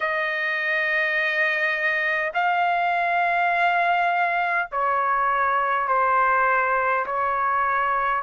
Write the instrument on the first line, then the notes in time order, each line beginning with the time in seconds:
trumpet
0.00 D#5
2.34 F5
4.71 C#5
5.88 C5
7.06 C#5